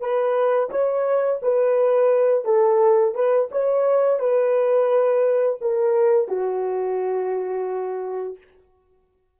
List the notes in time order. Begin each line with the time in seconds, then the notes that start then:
0.00 B4
0.70 C#5
1.42 B4
2.45 A4
3.15 B4
3.51 C#5
4.19 B4
5.61 A#4
6.28 F#4